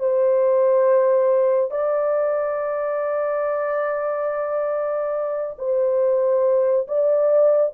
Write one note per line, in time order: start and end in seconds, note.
0.00 1.71 C5
1.71 5.57 D5
5.59 6.88 C5
6.88 7.74 D5